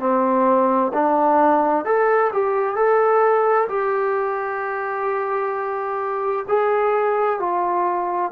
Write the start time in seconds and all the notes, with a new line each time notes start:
0.00 C4
0.94 D4
1.85 A4
2.33 G4
2.76 A4
3.69 G4
6.49 G#4
7.40 F4